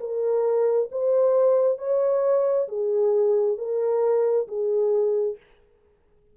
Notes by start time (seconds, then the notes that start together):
0.00 A#4
0.92 C5
1.79 C#5
2.68 G#4
3.58 A#4
4.48 G#4